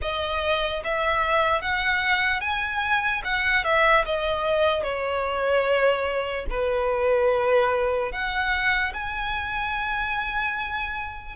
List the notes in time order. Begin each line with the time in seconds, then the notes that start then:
0.01 D#5
0.83 E5
1.61 F#5
2.40 G#5
3.24 F#5
3.64 E5
4.05 D#5
4.83 C#5
6.49 B4
8.12 F#5
8.93 G#5